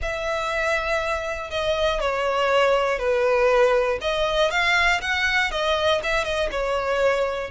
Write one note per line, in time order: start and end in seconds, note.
0.01 1.50 E5
1.50 2.00 D#5
2.00 2.98 C#5
2.98 3.98 B4
4.01 4.50 D#5
4.50 5.00 F5
5.01 5.51 F#5
5.51 6.01 D#5
6.02 6.24 E5
6.24 6.49 D#5
6.51 7.50 C#5